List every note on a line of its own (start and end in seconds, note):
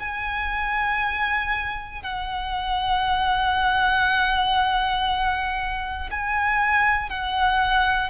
0.00 2.03 G#5
2.03 6.10 F#5
6.11 7.10 G#5
7.10 8.10 F#5